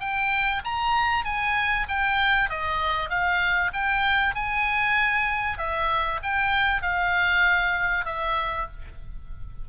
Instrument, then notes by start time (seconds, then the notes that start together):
oboe
0.00 G5
0.64 A#5
1.25 G#5
1.88 G5
2.49 D#5
3.09 F5
3.73 G5
4.35 G#5
5.58 E5
6.22 G5
6.82 F5
8.05 E5